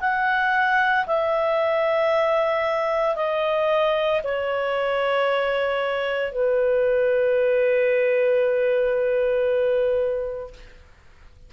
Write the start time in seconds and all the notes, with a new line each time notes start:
0.00 F#5
1.06 E5
3.16 D#5
4.23 C#5
6.32 B4